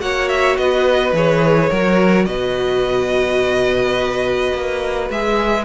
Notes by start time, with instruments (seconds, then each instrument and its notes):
0.00 cello A#3, viola F#4, violin C#5 F#5
0.29 violin E5
0.57 cello B3, violin B4 D#5
1.13 cello E3, viola G#4, violin C#5
1.69 cello F#3, viola F#4, violin A#4
2.26 cello B2, violin B4 D#5
4.54 cello A#3
5.10 cello G#3, viola G#4, violin E5